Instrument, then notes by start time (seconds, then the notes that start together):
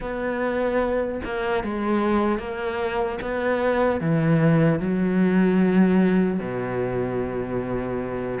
cello
0.00 B3
1.24 A#3
1.63 G#3
2.38 A#3
3.21 B3
4.00 E3
4.79 F#3
6.39 B2